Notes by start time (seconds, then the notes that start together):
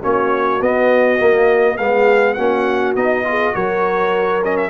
0.00 A#3 C#4 F#4 C#5
0.61 B3 D#5
1.19 A#3
1.77 G#3 B3 G#4 F5
2.34 A#3 C#4 F#4 F#5
2.96 B3 D#4 D#5
3.24 F4 G#4
3.54 F#3 F#4 A#4 C#5
4.44 C#4 D#5
4.57 E5